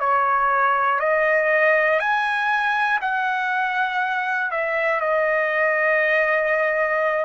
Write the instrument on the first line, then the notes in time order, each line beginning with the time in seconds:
trumpet
0.00 C#5
1.00 D#5
2.00 G#5
3.01 F#5
4.51 E5
5.00 D#5